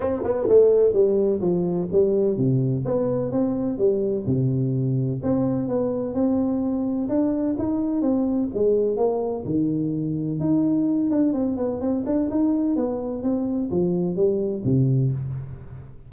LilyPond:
\new Staff \with { instrumentName = "tuba" } { \time 4/4 \tempo 4 = 127 c'8 b8 a4 g4 f4 | g4 c4 b4 c'4 | g4 c2 c'4 | b4 c'2 d'4 |
dis'4 c'4 gis4 ais4 | dis2 dis'4. d'8 | c'8 b8 c'8 d'8 dis'4 b4 | c'4 f4 g4 c4 | }